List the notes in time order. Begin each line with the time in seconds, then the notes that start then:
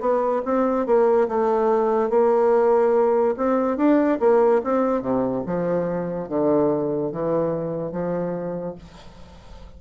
0.00 B3
0.45 C4
0.86 A#3
1.28 A3
2.10 A#3
3.37 C4
3.77 D4
4.20 A#3
4.64 C4
5.02 C3
5.46 F3
6.28 D3
7.12 E3
7.92 F3